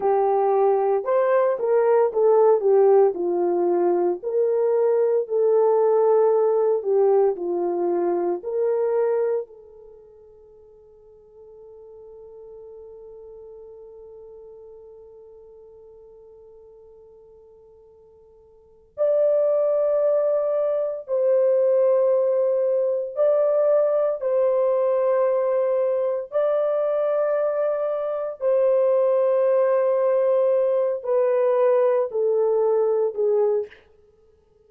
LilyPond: \new Staff \with { instrumentName = "horn" } { \time 4/4 \tempo 4 = 57 g'4 c''8 ais'8 a'8 g'8 f'4 | ais'4 a'4. g'8 f'4 | ais'4 a'2.~ | a'1~ |
a'2 d''2 | c''2 d''4 c''4~ | c''4 d''2 c''4~ | c''4. b'4 a'4 gis'8 | }